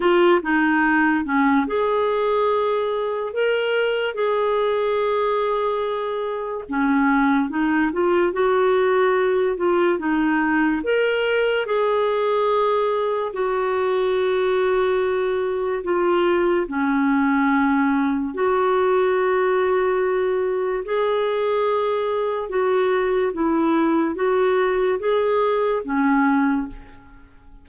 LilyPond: \new Staff \with { instrumentName = "clarinet" } { \time 4/4 \tempo 4 = 72 f'8 dis'4 cis'8 gis'2 | ais'4 gis'2. | cis'4 dis'8 f'8 fis'4. f'8 | dis'4 ais'4 gis'2 |
fis'2. f'4 | cis'2 fis'2~ | fis'4 gis'2 fis'4 | e'4 fis'4 gis'4 cis'4 | }